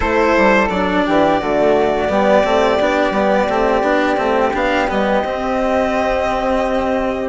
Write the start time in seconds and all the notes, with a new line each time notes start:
0.00 A3 E4 A4 C5
0.37 G3
0.69 F#3 D4 D5
1.06 E3 G4
1.39 D3 A3 F#4
2.08 G3 B3 G4
2.44 A3 C4
2.80 B3 D4
3.10 G3 B3
3.49 A3 C4
3.82 B3 D4
4.16 A3 C4
4.53 B3 D4 F5
4.88 G3 B3 D#5
5.23 C4